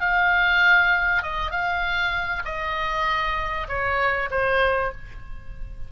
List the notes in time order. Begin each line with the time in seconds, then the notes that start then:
0.00 F5
1.22 D#5
1.51 F5
2.45 D#5
3.68 C#5
4.30 C5